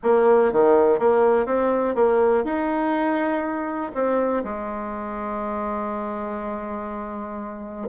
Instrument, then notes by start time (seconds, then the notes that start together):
bassoon
0.03 A#3
0.52 D#3
0.99 A#3
1.46 C4
1.95 A#3
2.44 D#4
3.94 C4
4.44 G#3